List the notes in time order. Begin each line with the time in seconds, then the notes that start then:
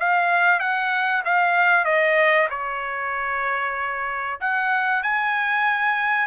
0.00 F5
0.60 F#5
1.25 F5
1.85 D#5
2.51 C#5
4.41 F#5
5.03 G#5